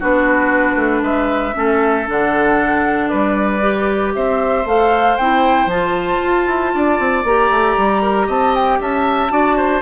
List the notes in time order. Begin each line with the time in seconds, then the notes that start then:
0.00 B3 D4 F#4 B4
0.76 A3
1.02 G#3 B4 E5
1.54 A3 C#4 A4
2.07 D3 D4 F#5
3.09 G3 B4 D5
3.61 G4
4.15 C4 C5 E5
4.65 A3 A4 F5
5.18 C4 E4 G5
5.66 F3 F4 A5
6.24 F4
6.47 E4
6.74 D4 D5
6.99 C4
7.24 A#3 G4 A#5
7.51 A3
7.77 G3
8.02 A#4
8.27 C4 D#5 A5
8.55 G5
8.80 C#4 E5 A5
9.30 D4 F#4 D5
9.57 C5